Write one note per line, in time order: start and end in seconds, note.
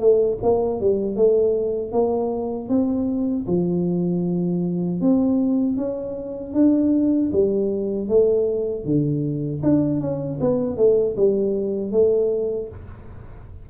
0.00 0.38 A3
0.43 0.81 A#3
0.81 1.16 G3
1.16 1.92 A3
1.92 2.69 A#3
2.69 3.46 C4
3.48 5.01 F3
5.01 5.77 C4
5.77 6.54 C#4
6.54 7.31 D4
7.33 8.09 G3
8.09 8.85 A3
8.85 9.62 D3
9.63 10.01 D4
10.01 10.39 C#4
10.41 10.77 B3
10.77 11.15 A3
11.17 11.92 G3
11.92 12.69 A3